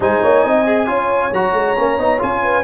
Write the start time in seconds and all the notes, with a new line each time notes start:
0.00 G#3 D#4 C5 G#5
0.22 A#3 C#5
0.43 C4 D#5
0.66 G#4
0.86 C#4 F4 C#5
1.32 F#3 F#4 A#5
1.53 G#3
1.76 A#3 C#4
1.98 B3 D#4
2.18 C#4 F4 G#5
2.42 B4